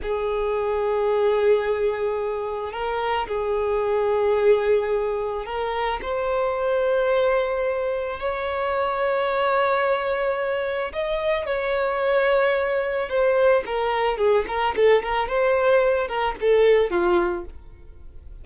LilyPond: \new Staff \with { instrumentName = "violin" } { \time 4/4 \tempo 4 = 110 gis'1~ | gis'4 ais'4 gis'2~ | gis'2 ais'4 c''4~ | c''2. cis''4~ |
cis''1 | dis''4 cis''2. | c''4 ais'4 gis'8 ais'8 a'8 ais'8 | c''4. ais'8 a'4 f'4 | }